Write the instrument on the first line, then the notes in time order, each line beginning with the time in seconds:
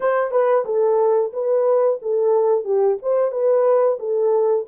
horn
0.00 C5
0.31 B4
0.65 A4
1.32 B4
2.02 A4
2.64 G4
3.02 C5
3.31 B4
3.98 A4